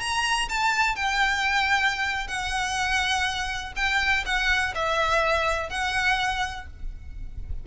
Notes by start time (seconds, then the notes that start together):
0.00 A#5
0.49 A5
0.95 G5
2.28 F#5
3.76 G5
4.25 F#5
4.75 E5
5.70 F#5